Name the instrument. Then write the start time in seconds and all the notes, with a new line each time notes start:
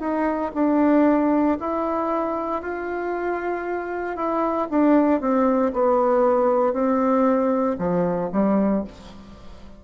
bassoon
0.00 D#4
0.55 D4
1.60 E4
2.62 F4
4.17 E4
4.71 D4
5.21 C4
5.73 B3
6.73 C4
7.79 F3
8.33 G3